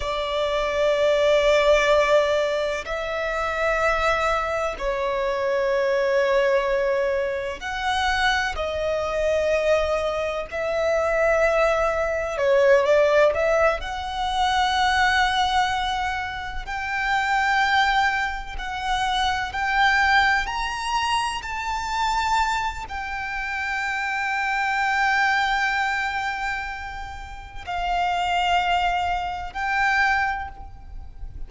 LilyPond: \new Staff \with { instrumentName = "violin" } { \time 4/4 \tempo 4 = 63 d''2. e''4~ | e''4 cis''2. | fis''4 dis''2 e''4~ | e''4 cis''8 d''8 e''8 fis''4.~ |
fis''4. g''2 fis''8~ | fis''8 g''4 ais''4 a''4. | g''1~ | g''4 f''2 g''4 | }